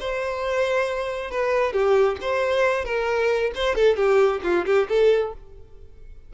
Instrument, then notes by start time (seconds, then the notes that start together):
violin
0.00 C5
1.31 B4
1.73 G4
2.21 C5
2.85 A#4
3.55 C5
3.75 A4
3.97 G4
4.43 F4
4.65 G4
4.89 A4